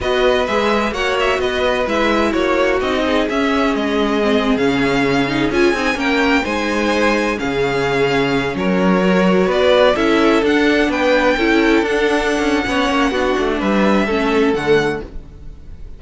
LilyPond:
<<
  \new Staff \with { instrumentName = "violin" } { \time 4/4 \tempo 4 = 128 dis''4 e''4 fis''8 e''8 dis''4 | e''4 cis''4 dis''4 e''4 | dis''4.~ dis''16 f''2 gis''16~ | gis''8. g''4 gis''2 f''16~ |
f''2~ f''16 cis''4.~ cis''16~ | cis''16 d''4 e''4 fis''4 g''8.~ | g''4~ g''16 fis''2~ fis''8.~ | fis''4 e''2 fis''4 | }
  \new Staff \with { instrumentName = "violin" } { \time 4/4 b'2 cis''4 b'4~ | b'4 fis'4. gis'4.~ | gis'1~ | gis'8. ais'4 c''2 gis'16~ |
gis'2~ gis'16 ais'4.~ ais'16~ | ais'16 b'4 a'2 b'8.~ | b'16 a'2~ a'8. cis''4 | fis'4 b'4 a'2 | }
  \new Staff \with { instrumentName = "viola" } { \time 4/4 fis'4 gis'4 fis'2 | e'2 dis'4 cis'4~ | cis'4 c'8. cis'4. dis'8 f'16~ | f'16 dis'8 cis'4 dis'2 cis'16~ |
cis'2.~ cis'16 fis'8.~ | fis'4~ fis'16 e'4 d'4.~ d'16~ | d'16 e'4 d'4.~ d'16 cis'4 | d'2 cis'4 a4 | }
  \new Staff \with { instrumentName = "cello" } { \time 4/4 b4 gis4 ais4 b4 | gis4 ais4 c'4 cis'4 | gis4.~ gis16 cis2 cis'16~ | cis'16 c'8 ais4 gis2 cis16~ |
cis2~ cis16 fis4.~ fis16~ | fis16 b4 cis'4 d'4 b8.~ | b16 cis'4 d'4~ d'16 cis'8 b8 ais8 | b8 a8 g4 a4 d4 | }
>>